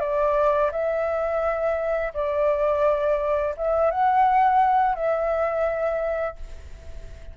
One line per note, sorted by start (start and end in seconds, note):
0.00 0.71 D5
0.72 2.13 E5
2.14 3.55 D5
3.56 3.90 E5
3.90 4.95 F#5
4.95 6.36 E5